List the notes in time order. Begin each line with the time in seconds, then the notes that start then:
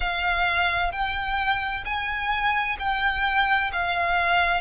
0.00 F5
0.92 G5
1.84 G#5
2.79 G5
3.72 F5